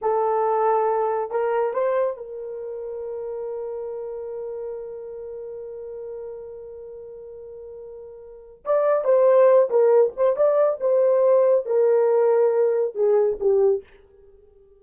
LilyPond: \new Staff \with { instrumentName = "horn" } { \time 4/4 \tempo 4 = 139 a'2. ais'4 | c''4 ais'2.~ | ais'1~ | ais'1~ |
ais'1 | d''4 c''4. ais'4 c''8 | d''4 c''2 ais'4~ | ais'2 gis'4 g'4 | }